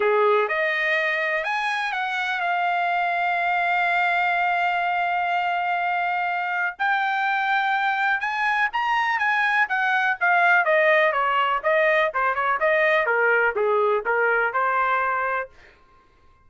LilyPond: \new Staff \with { instrumentName = "trumpet" } { \time 4/4 \tempo 4 = 124 gis'4 dis''2 gis''4 | fis''4 f''2.~ | f''1~ | f''2 g''2~ |
g''4 gis''4 ais''4 gis''4 | fis''4 f''4 dis''4 cis''4 | dis''4 c''8 cis''8 dis''4 ais'4 | gis'4 ais'4 c''2 | }